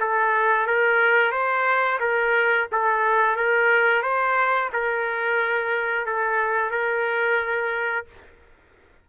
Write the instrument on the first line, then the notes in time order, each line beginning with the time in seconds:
trumpet
0.00 A4
0.67 A#4
1.31 C5
2.00 A#4
2.72 A4
3.36 A#4
4.02 C5
4.73 A#4
6.06 A4
6.71 A#4